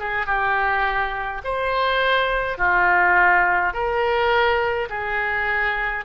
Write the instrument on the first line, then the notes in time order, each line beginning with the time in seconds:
oboe
0.00 G#4
0.27 G4
1.45 C5
2.59 F4
3.74 A#4
4.90 G#4